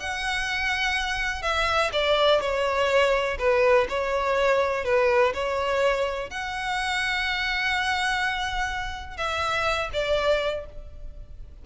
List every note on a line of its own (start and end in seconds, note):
0.00 1.42 F#5
1.42 1.91 E5
1.92 2.41 D5
2.41 3.38 C#5
3.39 3.87 B4
3.89 4.85 C#5
4.85 5.33 B4
5.34 6.30 C#5
6.30 9.17 F#5
9.17 9.90 E5
9.93 10.66 D5